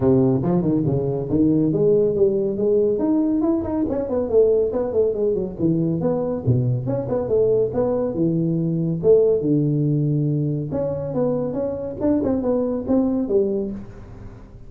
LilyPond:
\new Staff \with { instrumentName = "tuba" } { \time 4/4 \tempo 4 = 140 c4 f8 dis8 cis4 dis4 | gis4 g4 gis4 dis'4 | e'8 dis'8 cis'8 b8 a4 b8 a8 | gis8 fis8 e4 b4 b,4 |
cis'8 b8 a4 b4 e4~ | e4 a4 d2~ | d4 cis'4 b4 cis'4 | d'8 c'8 b4 c'4 g4 | }